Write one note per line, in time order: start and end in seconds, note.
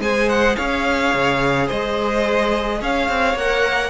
0.00 0.56 G#3
0.00 3.37 G#4
0.00 0.57 C5
0.00 0.29 G#5
0.29 0.56 F#5
0.56 1.14 C#4
0.56 1.67 C#5
0.56 1.68 F5
1.14 1.70 C#3
1.67 2.82 G#3
1.67 2.79 C5
1.67 2.82 D#5
2.81 3.09 C#4
2.81 3.90 C#5
2.81 3.38 F5
3.09 3.35 C4
3.35 3.90 A#3
3.35 3.90 A#4
3.35 3.90 F#5